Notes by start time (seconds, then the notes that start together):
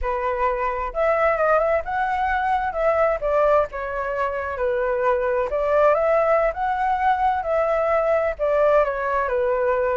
0.01 B4
0.93 E5
1.37 D#5
1.59 E5
1.84 F#5
2.72 E5
3.20 D5
3.71 C#5
4.57 B4
5.50 D5
5.94 E5
6.53 F#5
7.42 E5
8.38 D5
8.84 C#5
9.28 B4